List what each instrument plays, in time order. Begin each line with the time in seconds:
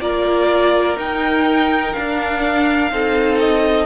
0.00 cello A#3, viola F4, violin A#4 D5
0.96 viola D#4, cello D#4, violin G5
1.93 viola D4, cello D4, violin F5
2.91 cello C4, viola D#4, violin A4
3.39 violin D#5